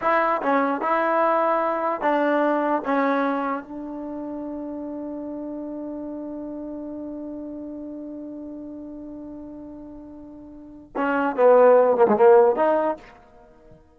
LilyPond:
\new Staff \with { instrumentName = "trombone" } { \time 4/4 \tempo 4 = 148 e'4 cis'4 e'2~ | e'4 d'2 cis'4~ | cis'4 d'2.~ | d'1~ |
d'1~ | d'1~ | d'2. cis'4 | b4. ais16 gis16 ais4 dis'4 | }